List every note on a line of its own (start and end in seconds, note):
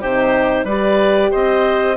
0.00 0.64 C3
0.00 0.68 D#4
0.00 0.64 G4
0.00 0.66 C5
0.64 1.30 G3
0.64 1.96 G4
0.64 1.30 B4
0.64 1.32 D5
1.31 1.96 C4
1.31 1.96 C5
1.31 1.96 D#5